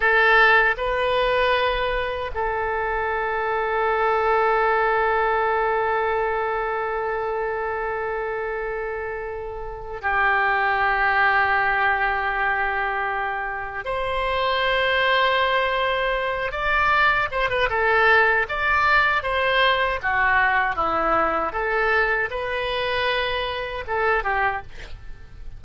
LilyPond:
\new Staff \with { instrumentName = "oboe" } { \time 4/4 \tempo 4 = 78 a'4 b'2 a'4~ | a'1~ | a'1~ | a'4 g'2.~ |
g'2 c''2~ | c''4. d''4 c''16 b'16 a'4 | d''4 c''4 fis'4 e'4 | a'4 b'2 a'8 g'8 | }